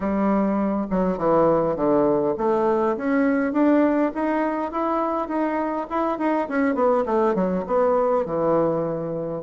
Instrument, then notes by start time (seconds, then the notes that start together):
bassoon
0.00 G3
0.90 F#3
1.17 E3
1.76 D3
2.37 A3
2.97 C#4
3.52 D4
4.14 D#4
4.71 E4
5.28 D#4
5.90 E4
6.18 D#4
6.48 C#4
6.75 B3
7.05 A3
7.34 F#3
7.67 B3
8.25 E3